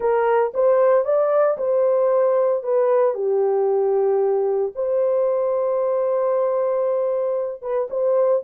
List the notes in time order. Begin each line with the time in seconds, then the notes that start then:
0.00 A#4
0.54 C5
1.04 D5
1.57 C5
2.63 B4
3.14 G4
4.75 C5
7.61 B4
7.90 C5